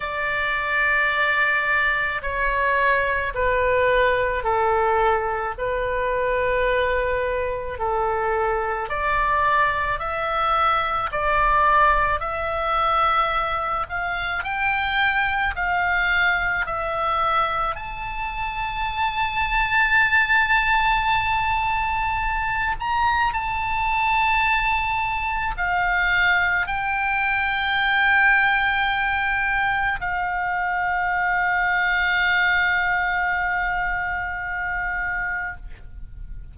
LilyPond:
\new Staff \with { instrumentName = "oboe" } { \time 4/4 \tempo 4 = 54 d''2 cis''4 b'4 | a'4 b'2 a'4 | d''4 e''4 d''4 e''4~ | e''8 f''8 g''4 f''4 e''4 |
a''1~ | a''8 ais''8 a''2 f''4 | g''2. f''4~ | f''1 | }